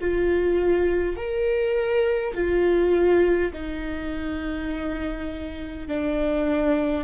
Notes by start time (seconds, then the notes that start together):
0.00 F4
1.16 A#4
2.34 F4
3.52 D#4
5.87 D4